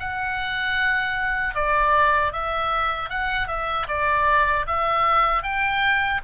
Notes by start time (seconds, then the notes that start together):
0.00 F#5
1.55 D5
2.33 E5
3.10 F#5
3.48 E5
3.89 D5
4.67 E5
5.43 G5